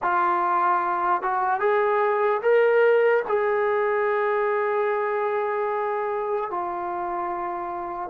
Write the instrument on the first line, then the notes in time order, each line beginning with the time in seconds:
trombone
0.02 F4
1.22 F#4
1.60 G#4
2.42 A#4
3.28 G#4
6.50 F4